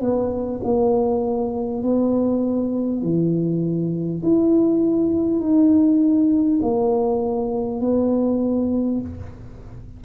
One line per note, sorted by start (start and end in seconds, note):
0.00 0.60 B3
0.63 1.83 A#3
1.83 3.02 B3
3.02 4.22 E3
4.23 5.39 E4
5.39 6.59 D#4
6.62 7.80 A#3
7.80 9.00 B3